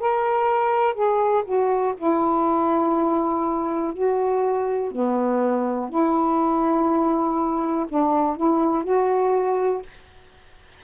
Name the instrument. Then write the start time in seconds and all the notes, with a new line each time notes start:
saxophone
0.00 A#4
0.94 G#4
1.45 F#4
1.97 E4
3.93 F#4
4.91 B3
5.90 E4
7.89 D4
8.37 E4
8.84 F#4